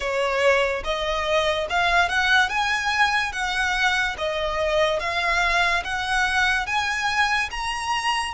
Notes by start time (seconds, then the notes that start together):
0.00 C#5
0.83 D#5
1.69 F5
2.08 F#5
2.49 G#5
3.32 F#5
4.17 D#5
4.99 F5
5.83 F#5
6.66 G#5
7.50 A#5